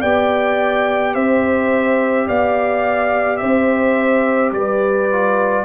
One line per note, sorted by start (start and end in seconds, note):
0.00 1.15 B3
0.00 5.12 G4
0.00 1.13 D5
0.00 1.15 G5
1.14 2.28 C4
1.14 2.27 C5
1.14 2.28 E5
2.28 3.42 B3
2.28 3.41 D5
2.28 3.37 F5
3.37 4.52 C4
3.37 4.54 C5
3.37 4.50 E5
4.52 5.65 G3
4.52 5.65 B4
4.52 5.65 D5
5.12 5.65 F4